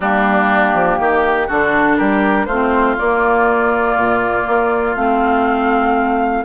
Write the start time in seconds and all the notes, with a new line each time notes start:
0.00 G3 A#3 D4 G4
0.73 F3
0.98 D#3 G4
1.47 D3 D4 F#4 A4
1.97 G3 G4 A#4
2.45 A3 C4 F4 C5
2.97 A#3 D5
3.96 A#2
4.47 A#3
4.95 A3 C4 F5